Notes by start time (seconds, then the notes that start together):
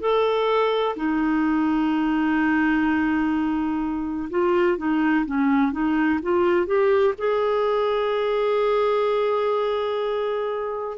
0.00 A4
0.96 D#4
4.30 F4
4.77 D#4
5.25 C#4
5.71 D#4
6.22 F4
6.66 G4
7.18 G#4